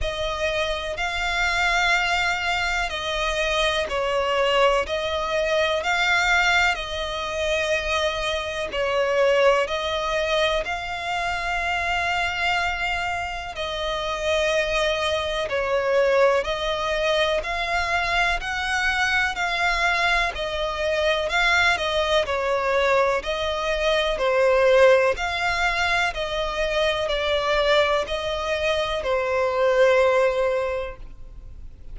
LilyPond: \new Staff \with { instrumentName = "violin" } { \time 4/4 \tempo 4 = 62 dis''4 f''2 dis''4 | cis''4 dis''4 f''4 dis''4~ | dis''4 cis''4 dis''4 f''4~ | f''2 dis''2 |
cis''4 dis''4 f''4 fis''4 | f''4 dis''4 f''8 dis''8 cis''4 | dis''4 c''4 f''4 dis''4 | d''4 dis''4 c''2 | }